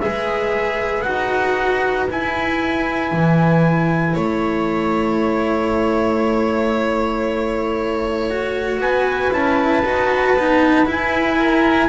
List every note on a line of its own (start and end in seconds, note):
0.00 1.06 G#3
0.00 1.05 G#4
0.00 4.14 B4
0.00 1.02 E5
1.02 2.10 D#4
1.02 2.08 F#4
1.02 2.05 F#5
2.10 8.30 E4
2.10 3.12 E4
2.10 4.17 G#5
3.12 4.15 E3
4.14 8.78 A3
4.14 8.80 C#5
4.14 8.80 A5
8.30 9.31 F#4
8.78 9.30 B3
8.78 11.38 B4
8.78 9.32 G#5
9.31 9.83 C#4
9.31 9.83 E4
9.31 10.88 A5
9.84 10.34 D#4
9.84 10.37 F#4
10.34 10.86 B3
10.34 10.86 D#4
10.86 11.89 E4
10.86 11.89 G#5
11.38 11.89 A#4